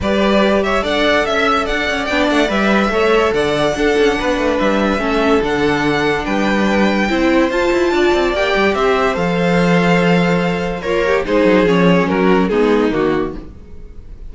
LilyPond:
<<
  \new Staff \with { instrumentName = "violin" } { \time 4/4 \tempo 4 = 144 d''4. e''8 fis''4 e''4 | fis''4 g''8 fis''8 e''2 | fis''2. e''4~ | e''4 fis''2 g''4~ |
g''2 a''2 | g''4 e''4 f''2~ | f''2 cis''4 c''4 | cis''4 ais'4 gis'4 fis'4 | }
  \new Staff \with { instrumentName = "violin" } { \time 4/4 b'4. cis''8 d''4 e''4 | d''2. cis''4 | d''4 a'4 b'2 | a'2. b'4~ |
b'4 c''2 d''4~ | d''4 c''2.~ | c''2 f'8 g'8 gis'4~ | gis'4 fis'4 dis'2 | }
  \new Staff \with { instrumentName = "viola" } { \time 4/4 g'2 a'2~ | a'4 d'4 b'4 a'4~ | a'4 d'2. | cis'4 d'2.~ |
d'4 e'4 f'2 | g'2 a'2~ | a'2 ais'4 dis'4 | cis'2 b4 ais4 | }
  \new Staff \with { instrumentName = "cello" } { \time 4/4 g2 d'4 cis'4 | d'8 cis'8 b8 a8 g4 a4 | d4 d'8 cis'8 b8 a8 g4 | a4 d2 g4~ |
g4 c'4 f'8 e'8 d'8 c'8 | ais8 g8 c'4 f2~ | f2 ais4 gis8 fis8 | f4 fis4 gis4 dis4 | }
>>